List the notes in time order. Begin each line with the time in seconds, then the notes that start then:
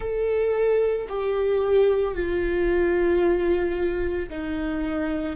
0.00 A4
1.09 G4
2.14 F4
4.29 D#4